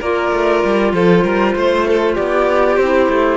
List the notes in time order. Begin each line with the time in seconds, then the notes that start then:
0.00 A#3 F4 A#4 D5
0.33 A3
0.65 G3
0.93 F3 A4 C5
1.24 G3 A#4
1.56 A3 C5
1.88 A4
2.15 B3 G4 D5
2.77 C4 E4 C5
3.10 A3